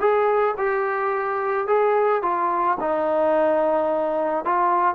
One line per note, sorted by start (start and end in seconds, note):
0.00 0.55 G#4
0.58 1.67 G4
1.67 2.22 G#4
2.22 2.77 F4
2.80 4.45 D#4
4.45 4.95 F4